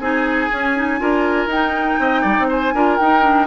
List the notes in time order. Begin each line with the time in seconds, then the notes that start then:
0.00 C4 D#4 G#4 G#5
0.52 C#4
0.77 D#4
0.99 D4 F4 A#4
1.47 D#4 G5
1.53 D#4
2.00 C4 D#5
2.22 G3 D5
2.39 C4
2.49 C5 G#5
2.74 D4 F4 A#4
2.97 D#4 G5
3.22 D4